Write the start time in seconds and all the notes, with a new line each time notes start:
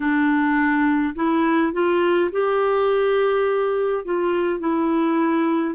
0.00 D4
1.15 E4
1.73 F4
2.31 G4
4.04 F4
4.59 E4